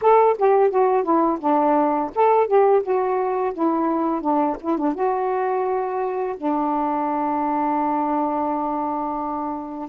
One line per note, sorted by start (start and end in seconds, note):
0.01 0.36 A4
0.38 0.70 G4
0.70 1.03 F#4
1.03 1.39 E4
1.40 2.10 D4
2.15 2.47 A4
2.47 2.82 G4
2.82 3.53 F#4
3.53 4.21 E4
4.21 4.56 D4
4.60 4.77 E4
4.77 4.94 D4
4.94 6.35 F#4
6.37 9.89 D4